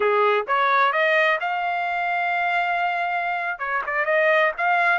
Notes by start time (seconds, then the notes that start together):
0.00 G#4
0.47 C#5
0.92 D#5
1.40 F5
3.58 C#5
3.86 D5
4.05 D#5
4.57 F5